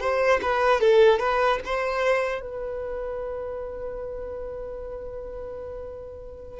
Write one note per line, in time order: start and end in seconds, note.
0.00 0.40 C5
0.42 0.80 B4
0.80 1.19 A4
1.19 1.59 B4
1.65 2.41 C5
2.41 6.60 B4